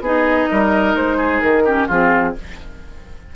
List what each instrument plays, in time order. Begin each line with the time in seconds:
0.00 bassoon B3, clarinet D#4, oboe G#4, flute D#5
0.51 bassoon G3, oboe A#4
0.95 bassoon G#3, flute C5
1.17 oboe G#4
1.40 bassoon D#3, flute A#4
1.64 clarinet C#4, oboe G4
1.87 bassoon F3, clarinet C4, oboe F4, flute G#4